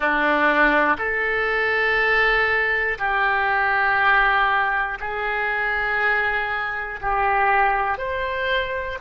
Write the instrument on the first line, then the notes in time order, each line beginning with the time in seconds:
oboe
0.00 D4
0.97 A4
2.98 G4
5.00 G#4
7.00 G4
7.98 C5